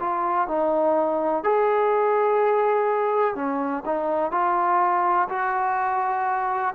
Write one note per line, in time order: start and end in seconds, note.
0.00 0.48 F4
0.48 1.44 D#4
1.44 3.35 G#4
3.35 3.83 C#4
3.85 4.31 D#4
4.31 5.28 F4
5.29 6.74 F#4